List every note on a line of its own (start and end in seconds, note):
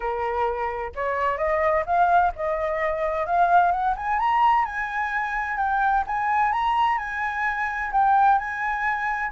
0.00 0.92 A#4
0.95 1.37 C#5
1.37 1.84 D#5
1.86 2.32 F5
2.35 3.26 D#5
3.26 3.71 F5
3.71 3.95 F#5
3.96 4.19 G#5
4.19 4.65 A#5
4.65 5.57 G#5
5.57 6.03 G5
6.06 6.52 G#5
6.52 6.98 A#5
6.98 7.91 G#5
7.92 8.38 G5
8.38 9.31 G#5